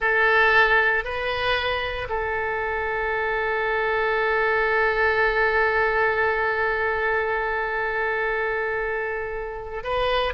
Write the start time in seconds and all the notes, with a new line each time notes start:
0.00 A4
1.04 B4
2.09 A4
9.83 B4